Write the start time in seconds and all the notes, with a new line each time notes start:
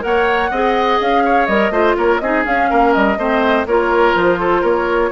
0.00 A#3 A#4 F#5
0.07 C#5
0.51 C4 G#4 D#5
1.01 C#4 F5
1.25 C#5
1.46 G3 A#4 D#5
1.70 A3 F4 C5
1.97 A#3 A#4 C#5
2.20 C4 D#4 G#4 D#5
2.43 C#4 F5
2.70 A#3 A#4
2.93 G3 D#5
3.18 A3 C4 C5
3.66 A#3 F4 A#4 C#5
4.15 F3 C5
4.39 A4
4.61 A#3 A#4 C#5